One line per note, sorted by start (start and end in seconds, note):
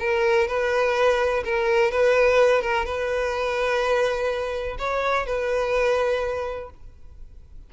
0.00 0.48 A#4
0.48 1.44 B4
1.45 1.92 A#4
1.92 2.62 B4
2.62 2.86 A#4
2.86 4.78 B4
4.79 5.26 C#5
5.26 6.70 B4